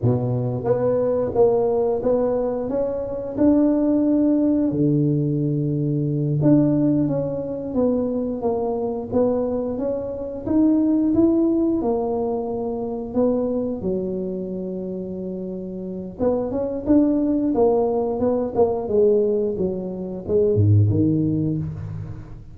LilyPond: \new Staff \with { instrumentName = "tuba" } { \time 4/4 \tempo 4 = 89 b,4 b4 ais4 b4 | cis'4 d'2 d4~ | d4. d'4 cis'4 b8~ | b8 ais4 b4 cis'4 dis'8~ |
dis'8 e'4 ais2 b8~ | b8 fis2.~ fis8 | b8 cis'8 d'4 ais4 b8 ais8 | gis4 fis4 gis8 gis,8 dis4 | }